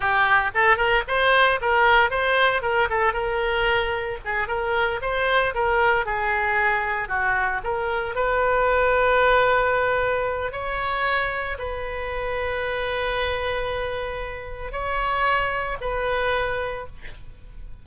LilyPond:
\new Staff \with { instrumentName = "oboe" } { \time 4/4 \tempo 4 = 114 g'4 a'8 ais'8 c''4 ais'4 | c''4 ais'8 a'8 ais'2 | gis'8 ais'4 c''4 ais'4 gis'8~ | gis'4. fis'4 ais'4 b'8~ |
b'1 | cis''2 b'2~ | b'1 | cis''2 b'2 | }